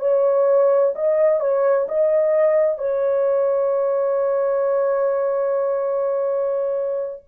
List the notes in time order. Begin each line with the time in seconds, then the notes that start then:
0.00 C#5
0.95 D#5
1.40 C#5
1.89 D#5
2.78 C#5